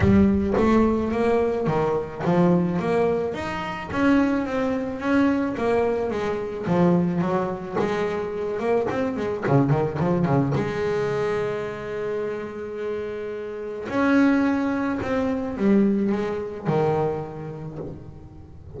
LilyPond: \new Staff \with { instrumentName = "double bass" } { \time 4/4 \tempo 4 = 108 g4 a4 ais4 dis4 | f4 ais4 dis'4 cis'4 | c'4 cis'4 ais4 gis4 | f4 fis4 gis4. ais8 |
c'8 gis8 cis8 dis8 f8 cis8 gis4~ | gis1~ | gis4 cis'2 c'4 | g4 gis4 dis2 | }